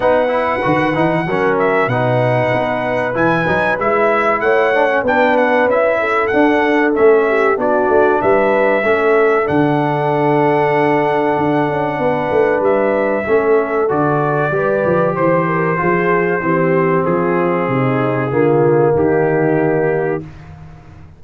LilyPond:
<<
  \new Staff \with { instrumentName = "trumpet" } { \time 4/4 \tempo 4 = 95 fis''2~ fis''8 e''8 fis''4~ | fis''4 gis''4 e''4 fis''4 | g''8 fis''8 e''4 fis''4 e''4 | d''4 e''2 fis''4~ |
fis''1 | e''2 d''2 | c''2. gis'4~ | gis'2 g'2 | }
  \new Staff \with { instrumentName = "horn" } { \time 4/4 b'2 ais'4 b'4~ | b'2. cis''4 | b'4. a'2 g'8 | fis'4 b'4 a'2~ |
a'2. b'4~ | b'4 a'2 b'4 | c''8 ais'8 gis'4 g'4 f'4 | dis'4 f'4 dis'2 | }
  \new Staff \with { instrumentName = "trombone" } { \time 4/4 dis'8 e'8 fis'8 dis'8 cis'4 dis'4~ | dis'4 e'8 dis'8 e'4. d'16 cis'16 | d'4 e'4 d'4 cis'4 | d'2 cis'4 d'4~ |
d'1~ | d'4 cis'4 fis'4 g'4~ | g'4 f'4 c'2~ | c'4 ais2. | }
  \new Staff \with { instrumentName = "tuba" } { \time 4/4 b4 dis8 e8 fis4 b,4 | b4 e8 fis8 gis4 a4 | b4 cis'4 d'4 a4 | b8 a8 g4 a4 d4~ |
d2 d'8 cis'8 b8 a8 | g4 a4 d4 g8 f8 | e4 f4 e4 f4 | c4 d4 dis2 | }
>>